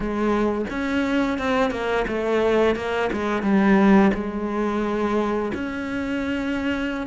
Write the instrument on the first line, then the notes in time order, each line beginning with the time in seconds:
cello
0.00 G#3
0.70 C#4
1.38 C4
1.71 A#3
2.07 A3
2.75 A#3
3.12 G#3
3.42 G3
4.14 G#3
5.53 C#4